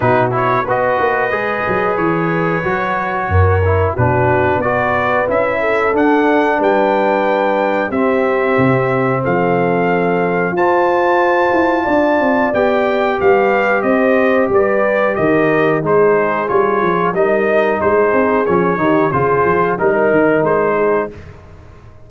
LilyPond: <<
  \new Staff \with { instrumentName = "trumpet" } { \time 4/4 \tempo 4 = 91 b'8 cis''8 dis''2 cis''4~ | cis''2 b'4 d''4 | e''4 fis''4 g''2 | e''2 f''2 |
a''2. g''4 | f''4 dis''4 d''4 dis''4 | c''4 cis''4 dis''4 c''4 | cis''4 c''4 ais'4 c''4 | }
  \new Staff \with { instrumentName = "horn" } { \time 4/4 fis'4 b'2.~ | b'4 ais'4 fis'4 b'4~ | b'8 a'4. b'2 | g'2 a'2 |
c''2 d''2 | b'4 c''4 b'4 ais'4 | gis'2 ais'4 gis'4~ | gis'8 g'8 gis'4 ais'4. gis'8 | }
  \new Staff \with { instrumentName = "trombone" } { \time 4/4 dis'8 e'8 fis'4 gis'2 | fis'4. e'8 d'4 fis'4 | e'4 d'2. | c'1 |
f'2. g'4~ | g'1 | dis'4 f'4 dis'2 | cis'8 dis'8 f'4 dis'2 | }
  \new Staff \with { instrumentName = "tuba" } { \time 4/4 b,4 b8 ais8 gis8 fis8 e4 | fis4 fis,4 b,4 b4 | cis'4 d'4 g2 | c'4 c4 f2 |
f'4. e'8 d'8 c'8 b4 | g4 c'4 g4 dis4 | gis4 g8 f8 g4 gis8 c'8 | f8 dis8 cis8 f8 g8 dis8 gis4 | }
>>